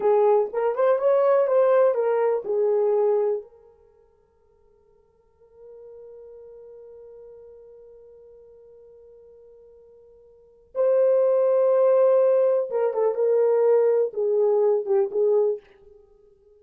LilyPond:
\new Staff \with { instrumentName = "horn" } { \time 4/4 \tempo 4 = 123 gis'4 ais'8 c''8 cis''4 c''4 | ais'4 gis'2 ais'4~ | ais'1~ | ais'1~ |
ais'1~ | ais'2 c''2~ | c''2 ais'8 a'8 ais'4~ | ais'4 gis'4. g'8 gis'4 | }